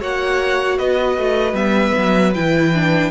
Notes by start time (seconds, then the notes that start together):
0.00 A#3 F#4 C#5 F#5
0.77 B3 B4 D#5
1.18 A3
1.53 G3 B3 E5
1.97 F#3
2.33 E3 E4 G5
2.74 D4